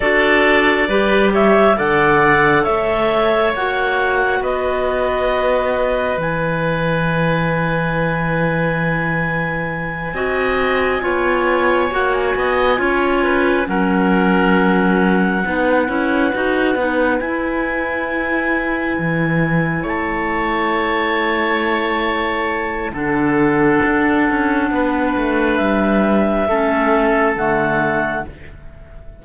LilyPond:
<<
  \new Staff \with { instrumentName = "clarinet" } { \time 4/4 \tempo 4 = 68 d''4. e''8 fis''4 e''4 | fis''4 dis''2 gis''4~ | gis''1~ | gis''4. fis''16 gis''4.~ gis''16 fis''8~ |
fis''2.~ fis''8 gis''8~ | gis''2~ gis''8 a''4.~ | a''2 fis''2~ | fis''4 e''2 fis''4 | }
  \new Staff \with { instrumentName = "oboe" } { \time 4/4 a'4 b'8 cis''8 d''4 cis''4~ | cis''4 b'2.~ | b'2.~ b'8 dis''8~ | dis''8 cis''4. dis''8 cis''8 b'8 ais'8~ |
ais'4. b'2~ b'8~ | b'2~ b'8 cis''4.~ | cis''2 a'2 | b'2 a'2 | }
  \new Staff \with { instrumentName = "clarinet" } { \time 4/4 fis'4 g'4 a'2 | fis'2. e'4~ | e'2.~ e'8 fis'8~ | fis'8 f'4 fis'4 f'4 cis'8~ |
cis'4. dis'8 e'8 fis'8 dis'8 e'8~ | e'1~ | e'2 d'2~ | d'2 cis'4 a4 | }
  \new Staff \with { instrumentName = "cello" } { \time 4/4 d'4 g4 d4 a4 | ais4 b2 e4~ | e2.~ e8 c'8~ | c'8 b4 ais8 b8 cis'4 fis8~ |
fis4. b8 cis'8 dis'8 b8 e'8~ | e'4. e4 a4.~ | a2 d4 d'8 cis'8 | b8 a8 g4 a4 d4 | }
>>